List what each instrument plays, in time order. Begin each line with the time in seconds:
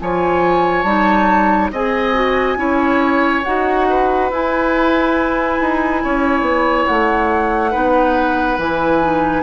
0.00 bassoon F3, clarinet F4, oboe C#5, flute G#5
0.83 bassoon G3, clarinet D#4, flute A5
1.72 bassoon C4, clarinet G#4, oboe D#5, flute G#5
2.14 clarinet F#4
2.57 bassoon C#4, clarinet E4, oboe C#5
3.44 bassoon D#4, clarinet F#4, flute F#5
3.89 oboe B4
4.31 bassoon E4, clarinet E4, flute G#5
5.60 bassoon D#4
6.03 bassoon C#4, oboe C#5
6.41 bassoon B3
6.86 bassoon A3, flute F#5
7.71 bassoon B3, clarinet D#4, oboe B4
8.57 bassoon E3, clarinet E4, flute G#5
9.02 clarinet D#4